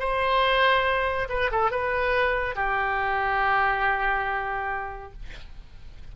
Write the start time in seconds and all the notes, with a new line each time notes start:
0.00 C5
1.29 B4
1.52 A4
1.71 B4
2.56 G4